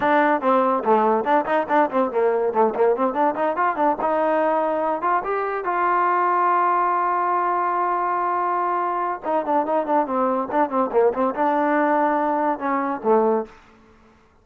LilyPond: \new Staff \with { instrumentName = "trombone" } { \time 4/4 \tempo 4 = 143 d'4 c'4 a4 d'8 dis'8 | d'8 c'8 ais4 a8 ais8 c'8 d'8 | dis'8 f'8 d'8 dis'2~ dis'8 | f'8 g'4 f'2~ f'8~ |
f'1~ | f'2 dis'8 d'8 dis'8 d'8 | c'4 d'8 c'8 ais8 c'8 d'4~ | d'2 cis'4 a4 | }